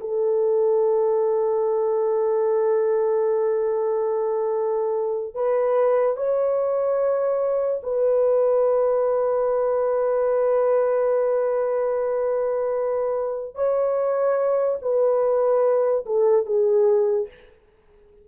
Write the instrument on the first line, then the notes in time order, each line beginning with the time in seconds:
horn
0.00 A4
5.34 B4
6.16 C#5
7.83 B4
13.55 C#5
14.81 B4
16.05 A4
16.45 G#4